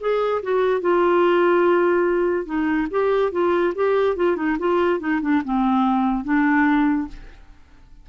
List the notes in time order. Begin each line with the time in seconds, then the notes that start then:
0.00 G#4
0.42 F#4
0.81 F4
2.45 D#4
2.91 G4
3.32 F4
3.75 G4
4.16 F4
4.36 D#4
4.59 F4
5.00 D#4
5.21 D4
5.45 C4
6.24 D4